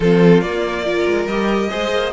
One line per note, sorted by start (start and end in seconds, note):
0.00 0.42 F3
0.00 0.42 C4
0.00 0.84 F4
0.00 0.41 A4
0.41 1.06 A#3
0.41 0.85 A#3
0.41 1.26 D5
0.84 1.27 F4
0.84 1.69 A#4
1.07 1.26 G#3
1.26 1.68 G3
1.26 1.70 G4
1.26 2.12 D#5
1.70 1.91 G#3
1.70 2.12 G#4
1.70 2.13 C5
1.91 2.12 A#3